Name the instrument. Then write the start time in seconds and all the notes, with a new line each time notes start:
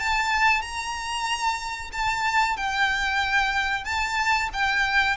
violin
0.00 A5
0.62 A#5
1.93 A5
2.57 G5
3.85 A5
4.54 G5